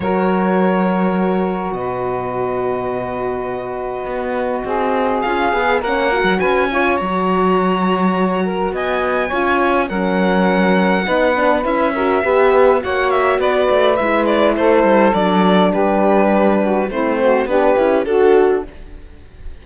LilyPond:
<<
  \new Staff \with { instrumentName = "violin" } { \time 4/4 \tempo 4 = 103 cis''2. dis''4~ | dis''1~ | dis''4 f''4 fis''4 gis''4 | ais''2. gis''4~ |
gis''4 fis''2. | e''2 fis''8 e''8 d''4 | e''8 d''8 c''4 d''4 b'4~ | b'4 c''4 b'4 a'4 | }
  \new Staff \with { instrumentName = "saxophone" } { \time 4/4 ais'2. b'4~ | b'1 | gis'2 ais'4 b'8 cis''8~ | cis''2~ cis''8 ais'8 dis''4 |
cis''4 ais'2 b'4~ | b'8 ais'8 b'4 cis''4 b'4~ | b'4 a'2 g'4~ | g'8 fis'8 e'8 fis'8 g'4 fis'4 | }
  \new Staff \with { instrumentName = "horn" } { \time 4/4 fis'1~ | fis'1~ | fis'4 f'8 gis'8 cis'8 fis'4 f'8 | fis'1 |
f'4 cis'2 dis'8 d'8 | e'8 fis'8 g'4 fis'2 | e'2 d'2~ | d'4 c'4 d'8 e'8 fis'4 | }
  \new Staff \with { instrumentName = "cello" } { \time 4/4 fis2. b,4~ | b,2. b4 | c'4 cis'8 b8 ais8. fis16 cis'4 | fis2. b4 |
cis'4 fis2 b4 | cis'4 b4 ais4 b8 a8 | gis4 a8 g8 fis4 g4~ | g4 a4 b8 cis'8 d'4 | }
>>